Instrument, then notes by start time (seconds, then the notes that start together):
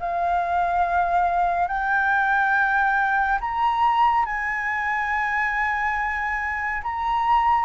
flute
0.00 F5
1.68 G5
3.41 A#5
4.25 G#5
6.83 A#5